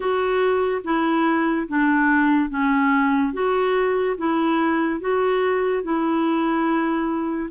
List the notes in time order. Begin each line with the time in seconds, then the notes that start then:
0.00 F#4
0.84 E4
1.68 D4
2.49 C#4
3.33 F#4
4.17 E4
5.00 F#4
5.83 E4